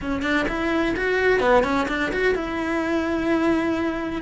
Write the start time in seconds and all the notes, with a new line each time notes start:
0.01 C#4
0.22 D4
0.48 E4
0.96 F#4
1.40 B3
1.63 C#4
1.88 D4
2.12 F#4
2.34 E4